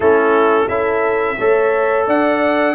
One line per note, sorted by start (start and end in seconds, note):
0.00 0.68 A3
0.00 0.68 C#4
0.00 0.67 E4
0.00 0.68 A4
0.68 1.37 C#4
0.68 1.37 E4
0.68 1.37 A4
0.68 2.06 E5
1.38 2.07 A3
1.38 2.74 A4
1.38 2.06 C#5
2.06 2.74 D4
2.06 2.74 D5
2.06 2.74 F#5